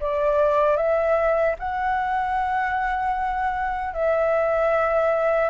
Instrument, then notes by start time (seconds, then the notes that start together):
flute
0.00 D5
0.76 E5
1.59 F#5
3.94 E5